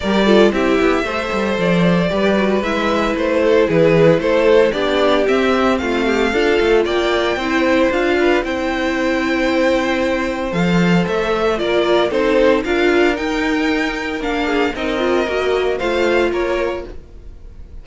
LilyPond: <<
  \new Staff \with { instrumentName = "violin" } { \time 4/4 \tempo 4 = 114 d''4 e''2 d''4~ | d''4 e''4 c''4 b'4 | c''4 d''4 e''4 f''4~ | f''4 g''2 f''4 |
g''1 | f''4 e''4 d''4 c''4 | f''4 g''2 f''4 | dis''2 f''4 cis''4 | }
  \new Staff \with { instrumentName = "violin" } { \time 4/4 ais'8 a'8 g'4 c''2 | b'2~ b'8 a'8 gis'4 | a'4 g'2 f'8 g'8 | a'4 d''4 c''4. b'8 |
c''1~ | c''2 ais'4 a'4 | ais'2.~ ais'8 gis'8 | ais'2 c''4 ais'4 | }
  \new Staff \with { instrumentName = "viola" } { \time 4/4 g'8 f'8 e'4 a'2 | g'8 fis'8 e'2.~ | e'4 d'4 c'2 | f'2 e'4 f'4 |
e'1 | a'2 f'4 dis'4 | f'4 dis'2 d'4 | dis'8 f'8 fis'4 f'2 | }
  \new Staff \with { instrumentName = "cello" } { \time 4/4 g4 c'8 b8 a8 g8 f4 | g4 gis4 a4 e4 | a4 b4 c'4 a4 | d'8 a8 ais4 c'4 d'4 |
c'1 | f4 a4 ais4 c'4 | d'4 dis'2 ais4 | c'4 ais4 a4 ais4 | }
>>